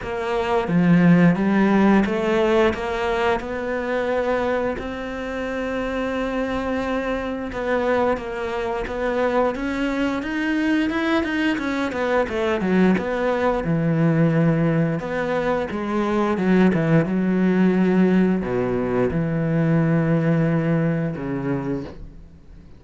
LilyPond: \new Staff \with { instrumentName = "cello" } { \time 4/4 \tempo 4 = 88 ais4 f4 g4 a4 | ais4 b2 c'4~ | c'2. b4 | ais4 b4 cis'4 dis'4 |
e'8 dis'8 cis'8 b8 a8 fis8 b4 | e2 b4 gis4 | fis8 e8 fis2 b,4 | e2. cis4 | }